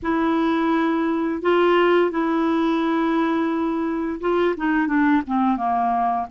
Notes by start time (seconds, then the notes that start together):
0.02 E4
1.42 F4
2.11 E4
4.20 F4
4.57 D#4
4.87 D4
5.27 C4
5.57 A#3